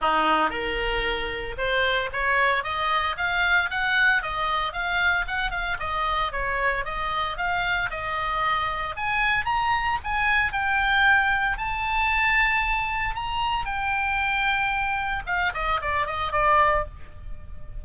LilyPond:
\new Staff \with { instrumentName = "oboe" } { \time 4/4 \tempo 4 = 114 dis'4 ais'2 c''4 | cis''4 dis''4 f''4 fis''4 | dis''4 f''4 fis''8 f''8 dis''4 | cis''4 dis''4 f''4 dis''4~ |
dis''4 gis''4 ais''4 gis''4 | g''2 a''2~ | a''4 ais''4 g''2~ | g''4 f''8 dis''8 d''8 dis''8 d''4 | }